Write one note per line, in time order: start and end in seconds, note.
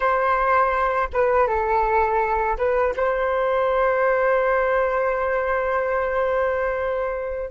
0.00 1.08 C5
1.13 1.47 B4
1.47 2.57 A4
2.57 2.94 B4
2.96 7.50 C5